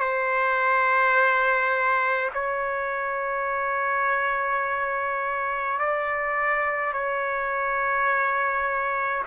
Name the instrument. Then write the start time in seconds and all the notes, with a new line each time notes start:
trumpet
0.00 C5
2.34 C#5
5.80 D5
6.93 C#5